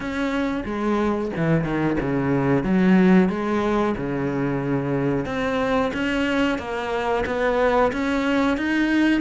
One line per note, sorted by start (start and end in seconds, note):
0.00 0.63 C#4
0.65 1.31 G#3
1.36 1.64 E3
1.64 1.97 D#3
2.00 2.63 C#3
2.63 3.29 F#3
3.29 3.95 G#3
3.96 5.25 C#3
5.25 5.91 C4
5.93 6.58 C#4
6.58 7.24 A#3
7.26 7.92 B3
7.92 8.57 C#4
8.57 9.20 D#4